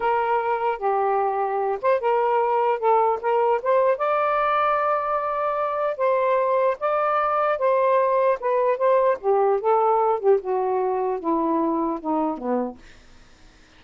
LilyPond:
\new Staff \with { instrumentName = "saxophone" } { \time 4/4 \tempo 4 = 150 ais'2 g'2~ | g'8 c''8 ais'2 a'4 | ais'4 c''4 d''2~ | d''2. c''4~ |
c''4 d''2 c''4~ | c''4 b'4 c''4 g'4 | a'4. g'8 fis'2 | e'2 dis'4 b4 | }